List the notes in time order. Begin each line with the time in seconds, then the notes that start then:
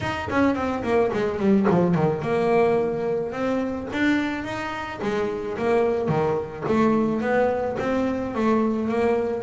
0.00 D#4
0.30 C#4
0.55 C4
0.83 A#3
1.13 G#3
1.39 G3
1.69 F3
1.94 D#3
2.21 A#3
3.32 C4
3.92 D4
4.44 D#4
5.02 G#3
5.58 A#3
6.08 D#3
6.68 A3
7.21 B3
7.79 C4
8.35 A3
8.88 A#3